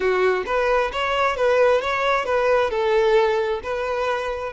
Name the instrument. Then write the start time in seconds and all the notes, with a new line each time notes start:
violin
0.00 F#4
0.46 B4
0.92 C#5
1.36 B4
1.81 C#5
2.25 B4
2.70 A4
3.63 B4